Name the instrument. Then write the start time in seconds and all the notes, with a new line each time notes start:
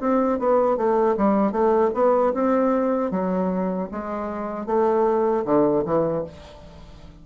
bassoon
0.00 C4
0.39 B3
0.77 A3
1.17 G3
1.52 A3
1.94 B3
2.34 C4
3.11 F#3
3.91 G#3
4.66 A3
5.45 D3
5.85 E3